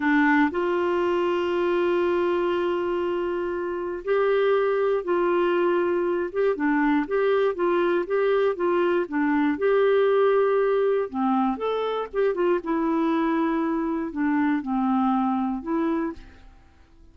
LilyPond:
\new Staff \with { instrumentName = "clarinet" } { \time 4/4 \tempo 4 = 119 d'4 f'2.~ | f'1 | g'2 f'2~ | f'8 g'8 d'4 g'4 f'4 |
g'4 f'4 d'4 g'4~ | g'2 c'4 a'4 | g'8 f'8 e'2. | d'4 c'2 e'4 | }